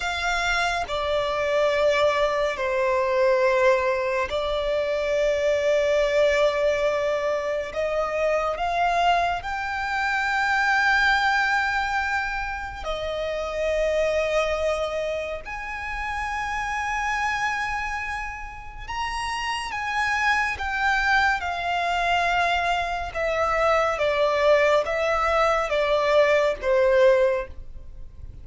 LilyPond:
\new Staff \with { instrumentName = "violin" } { \time 4/4 \tempo 4 = 70 f''4 d''2 c''4~ | c''4 d''2.~ | d''4 dis''4 f''4 g''4~ | g''2. dis''4~ |
dis''2 gis''2~ | gis''2 ais''4 gis''4 | g''4 f''2 e''4 | d''4 e''4 d''4 c''4 | }